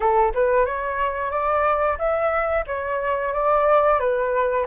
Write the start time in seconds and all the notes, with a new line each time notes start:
0.00 A4
0.34 B4
0.65 C#5
1.30 D5
1.98 E5
2.67 C#5
3.33 D5
3.99 B4